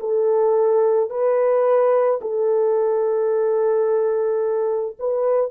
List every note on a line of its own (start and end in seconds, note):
0.00 1.10 A4
1.10 2.20 B4
2.21 4.96 A4
4.99 5.50 B4